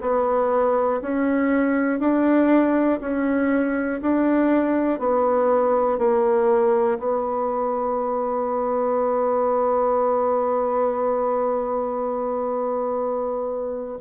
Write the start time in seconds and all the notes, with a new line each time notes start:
0.00 B3
1.01 C#4
1.99 D4
3.00 C#4
4.01 D4
4.99 B3
5.98 A#3
6.98 B3